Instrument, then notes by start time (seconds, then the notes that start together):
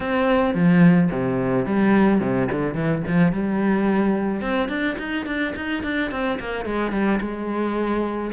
cello
0.00 C4
0.54 F3
1.11 C3
1.65 G3
2.20 C3
2.51 D3
2.74 E3
3.07 F3
3.32 G3
4.41 C4
4.68 D4
4.98 D#4
5.26 D4
5.56 D#4
5.83 D4
6.11 C4
6.39 A#3
6.65 G#3
6.91 G3
7.20 G#3